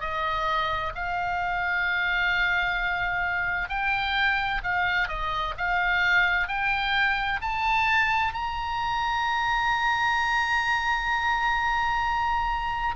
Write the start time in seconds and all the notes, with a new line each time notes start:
0.00 D#5
0.95 F5
3.69 G5
4.63 F5
5.08 D#5
5.57 F5
6.48 G5
7.41 A5
8.33 A#5